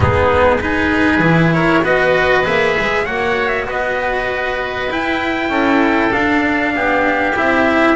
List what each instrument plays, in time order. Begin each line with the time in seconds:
0.00 double bass G#3, cello B3, oboe D#4, trumpet G#4
0.60 cello D#4, oboe G#4, trumpet B4
1.18 double bass E3, cello E4
1.53 oboe A#4, trumpet C#5
1.83 double bass B3, cello F#4, oboe B4, trumpet D#5
2.43 double bass A#3, cello G#4, trumpet E5
2.78 double bass G#3
3.05 double bass A#3, cello F#4, oboe C#5, trumpet F#5
3.48 trumpet E5
3.66 double bass B3, oboe B4, trumpet D#5
4.90 double bass E4, cello E4, trumpet G5
5.49 double bass C#4, oboe A4
6.10 cello D4, double bass D4, trumpet F5
6.75 double bass B3, oboe G4
7.35 double bass C4, cello E4, trumpet E5